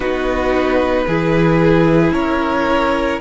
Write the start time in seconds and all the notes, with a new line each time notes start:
0.00 B3 D#4 F#4 B4
1.07 E3 E4 G#4
2.11 C#4 A#4 C#5